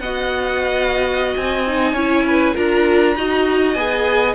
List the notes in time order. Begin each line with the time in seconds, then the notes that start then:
0.00 B3 F#4 D#5 F#5
1.37 C4 G#5
1.67 D#4
1.93 C#4 E4 C#5
2.27 B4
2.55 D4 F4 A#4 A#5
3.16 D#4 F#4 D#5
3.73 B3 G#4 G#5